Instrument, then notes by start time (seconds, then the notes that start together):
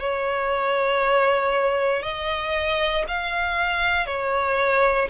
violin
0.00 C#5
2.03 D#5
3.08 F5
4.07 C#5